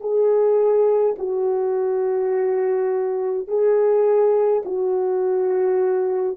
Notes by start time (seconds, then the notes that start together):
0.00 G#4
1.18 F#4
3.47 G#4
4.65 F#4